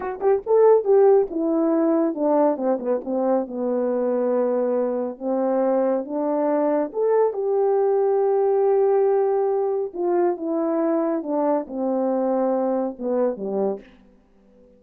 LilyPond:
\new Staff \with { instrumentName = "horn" } { \time 4/4 \tempo 4 = 139 fis'8 g'8 a'4 g'4 e'4~ | e'4 d'4 c'8 b8 c'4 | b1 | c'2 d'2 |
a'4 g'2.~ | g'2. f'4 | e'2 d'4 c'4~ | c'2 b4 g4 | }